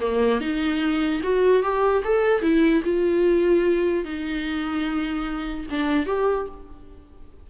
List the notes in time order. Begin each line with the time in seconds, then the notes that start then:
0.00 A#3
0.40 D#4
1.23 F#4
1.62 G4
2.04 A4
2.42 E4
2.84 F4
4.04 D#4
5.70 D4
6.06 G4